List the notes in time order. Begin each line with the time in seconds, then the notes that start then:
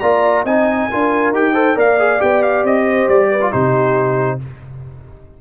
0.00 A#3 F4 D5 A#5
0.44 C4 D#4 D#5 G#5
0.90 D4 F4 A#4
1.32 D#4 G4 G5
1.53 A4 C5
1.75 A#3 A#4 D5 F5
1.99 G#4
2.19 B3 G4 G5
2.43 F5
2.64 C4 D#5
2.85 C5
3.08 G3 D5
3.31 B4
3.41 F4
3.50 C3 D#4 G4 C5